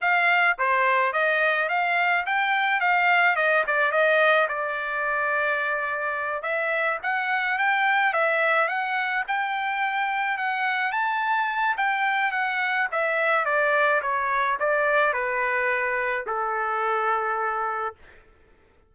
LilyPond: \new Staff \with { instrumentName = "trumpet" } { \time 4/4 \tempo 4 = 107 f''4 c''4 dis''4 f''4 | g''4 f''4 dis''8 d''8 dis''4 | d''2.~ d''8 e''8~ | e''8 fis''4 g''4 e''4 fis''8~ |
fis''8 g''2 fis''4 a''8~ | a''4 g''4 fis''4 e''4 | d''4 cis''4 d''4 b'4~ | b'4 a'2. | }